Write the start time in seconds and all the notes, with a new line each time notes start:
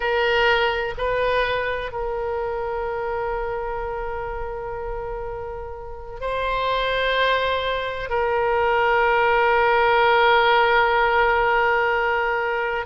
0.00 A#4
0.97 B4
1.92 A#4
6.20 C5
8.09 A#4